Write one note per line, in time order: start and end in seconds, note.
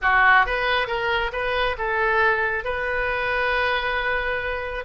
0.01 0.45 F#4
0.46 0.87 B4
0.87 1.31 A#4
1.32 1.76 B4
1.77 2.64 A4
2.64 4.84 B4